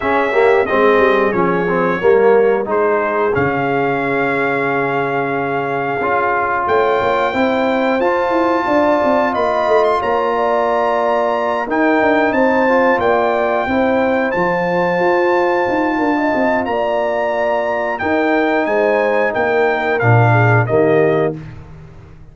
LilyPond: <<
  \new Staff \with { instrumentName = "trumpet" } { \time 4/4 \tempo 4 = 90 e''4 dis''4 cis''2 | c''4 f''2.~ | f''2 g''2 | a''2 b''8. c'''16 ais''4~ |
ais''4. g''4 a''4 g''8~ | g''4. a''2~ a''8~ | a''4 ais''2 g''4 | gis''4 g''4 f''4 dis''4 | }
  \new Staff \with { instrumentName = "horn" } { \time 4/4 gis'8 g'8 gis'2 ais'4 | gis'1~ | gis'2 cis''4 c''4~ | c''4 d''4 dis''4 cis''8 d''8~ |
d''4. ais'4 c''4 d''8~ | d''8 c''2.~ c''8 | ais'16 dis''8. d''2 ais'4 | c''4 ais'4. gis'8 g'4 | }
  \new Staff \with { instrumentName = "trombone" } { \time 4/4 cis'8 ais8 c'4 cis'8 c'8 ais4 | dis'4 cis'2.~ | cis'4 f'2 e'4 | f'1~ |
f'4. dis'4. f'4~ | f'8 e'4 f'2~ f'8~ | f'2. dis'4~ | dis'2 d'4 ais4 | }
  \new Staff \with { instrumentName = "tuba" } { \time 4/4 cis'4 gis8 g8 f4 g4 | gis4 cis2.~ | cis4 cis'4 a8 ais8 c'4 | f'8 e'8 d'8 c'8 ais8 a8 ais4~ |
ais4. dis'8 d'8 c'4 ais8~ | ais8 c'4 f4 f'4 dis'8 | d'8 c'8 ais2 dis'4 | gis4 ais4 ais,4 dis4 | }
>>